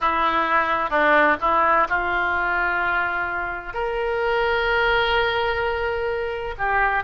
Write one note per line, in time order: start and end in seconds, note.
0.00 0.89 E4
0.89 1.36 D4
1.41 1.87 E4
1.89 3.73 F4
3.73 6.54 A#4
6.58 7.03 G4